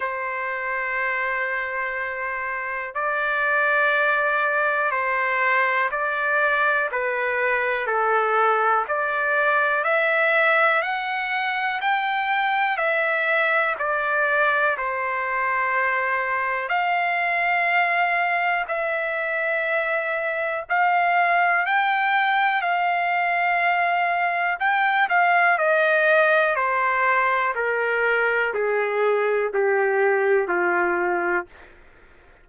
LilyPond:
\new Staff \with { instrumentName = "trumpet" } { \time 4/4 \tempo 4 = 61 c''2. d''4~ | d''4 c''4 d''4 b'4 | a'4 d''4 e''4 fis''4 | g''4 e''4 d''4 c''4~ |
c''4 f''2 e''4~ | e''4 f''4 g''4 f''4~ | f''4 g''8 f''8 dis''4 c''4 | ais'4 gis'4 g'4 f'4 | }